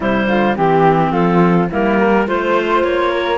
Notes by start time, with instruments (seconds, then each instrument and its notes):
0.00 cello C3, clarinet G3 C5, flute E4
0.26 cello D3, flute F4
0.56 cello E3, clarinet C4 G4, flute G4
1.11 cello F3, flute F4, clarinet A4
1.70 cello G3, clarinet A#3 A#4, flute E4
1.98 flute A#4
2.25 cello A3, clarinet F4 C5, flute C5
2.83 cello A#3, clarinet C#5
3.11 flute A#4